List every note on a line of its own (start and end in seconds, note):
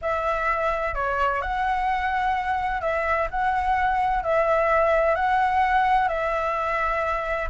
0.01 0.94 E5
0.94 1.41 C#5
1.41 2.81 F#5
2.81 3.28 E5
3.30 4.23 F#5
4.23 5.15 E5
5.15 6.08 F#5
6.08 7.49 E5